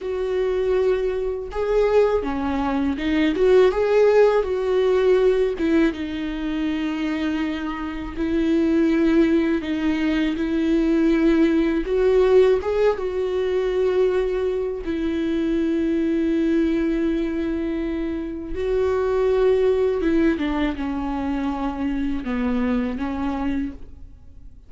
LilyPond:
\new Staff \with { instrumentName = "viola" } { \time 4/4 \tempo 4 = 81 fis'2 gis'4 cis'4 | dis'8 fis'8 gis'4 fis'4. e'8 | dis'2. e'4~ | e'4 dis'4 e'2 |
fis'4 gis'8 fis'2~ fis'8 | e'1~ | e'4 fis'2 e'8 d'8 | cis'2 b4 cis'4 | }